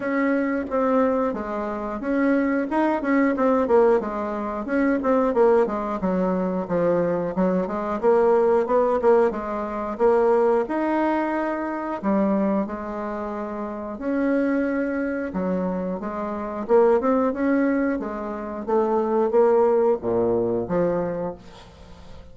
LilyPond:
\new Staff \with { instrumentName = "bassoon" } { \time 4/4 \tempo 4 = 90 cis'4 c'4 gis4 cis'4 | dis'8 cis'8 c'8 ais8 gis4 cis'8 c'8 | ais8 gis8 fis4 f4 fis8 gis8 | ais4 b8 ais8 gis4 ais4 |
dis'2 g4 gis4~ | gis4 cis'2 fis4 | gis4 ais8 c'8 cis'4 gis4 | a4 ais4 ais,4 f4 | }